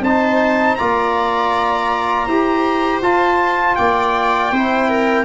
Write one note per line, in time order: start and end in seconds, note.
0.00 0.75 C4
0.00 0.78 D#4
0.00 0.78 C5
0.00 0.75 A5
0.75 2.26 A#3
0.75 2.28 F4
0.75 2.25 D5
0.75 3.00 A#5
2.25 3.01 E4
2.25 3.03 G4
2.25 3.75 C5
3.02 3.77 F4
3.02 4.53 F4
3.02 3.75 A5
3.75 4.51 A#3
3.75 4.52 D5
3.75 5.25 G5
4.51 5.25 C4
4.51 5.25 E4
4.51 4.88 C5
4.88 5.25 A#4